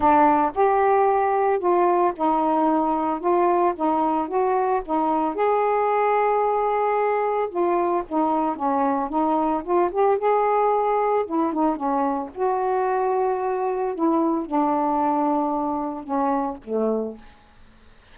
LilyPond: \new Staff \with { instrumentName = "saxophone" } { \time 4/4 \tempo 4 = 112 d'4 g'2 f'4 | dis'2 f'4 dis'4 | fis'4 dis'4 gis'2~ | gis'2 f'4 dis'4 |
cis'4 dis'4 f'8 g'8 gis'4~ | gis'4 e'8 dis'8 cis'4 fis'4~ | fis'2 e'4 d'4~ | d'2 cis'4 a4 | }